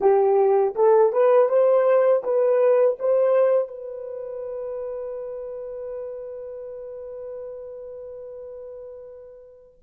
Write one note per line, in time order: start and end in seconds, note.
0.00 0.74 G4
0.75 1.12 A4
1.12 1.48 B4
1.48 2.23 C5
2.23 2.97 B4
2.99 3.68 C5
3.68 9.79 B4